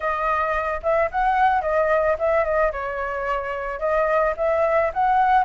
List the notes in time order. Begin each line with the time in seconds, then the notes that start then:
0.00 D#5
0.83 E5
1.11 F#5
1.61 D#5
2.18 E5
2.44 D#5
2.71 C#5
3.79 D#5
4.37 E5
4.93 F#5